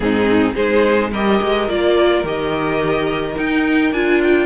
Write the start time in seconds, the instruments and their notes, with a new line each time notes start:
0.00 cello G#2, viola C4, violin D#4 G#4
0.54 cello G#3, viola D#4, violin G#4 C5
1.11 cello G3, viola G4, violin A#4 D#5
1.41 cello G#3
1.68 cello A#3, viola F4, violin D5
2.23 cello D#3, viola G4, violin D#5
3.36 viola D#4, cello D#4, violin G5
3.92 cello D4, viola F4, violin G#5
4.22 violin G5